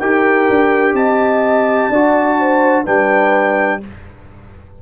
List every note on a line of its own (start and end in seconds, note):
0.00 0.49 D#4
0.00 1.93 G4
0.00 0.95 A#4
0.00 0.96 G5
0.50 0.94 D4
0.94 1.89 C4
0.94 1.91 D#5
0.94 2.87 A5
1.90 2.85 D4
1.90 2.86 F#4
1.90 2.39 D5
2.40 2.85 C5
2.85 3.83 G3
2.85 3.81 D4
2.85 3.80 B4
2.85 3.82 G5